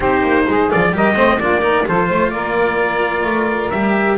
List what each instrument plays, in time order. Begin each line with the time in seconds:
0.00 double bass C4, cello D#4, saxophone G4, trumpet C5
0.22 double bass A#3
0.47 double bass G#3, saxophone G#4
0.70 double bass F3, cello F4, trumpet D5
0.91 double bass G3, cello G4, saxophone A#4, trumpet D#5
1.15 double bass A3, cello C4, saxophone C5
1.39 double bass A#3, cello D4, saxophone F4, trumpet D5
1.61 cello D#4, saxophone A#4
1.86 double bass F3, cello F4, saxophone A4, trumpet C5
2.08 double bass A3, saxophone C5
2.30 double bass A#3, saxophone A#4, trumpet D5
3.23 double bass A3
3.70 double bass G3, cello G4, trumpet E5